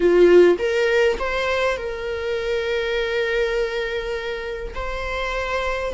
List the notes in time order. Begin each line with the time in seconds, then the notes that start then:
0.00 F4
0.58 A#4
1.19 C5
1.77 A#4
4.74 C5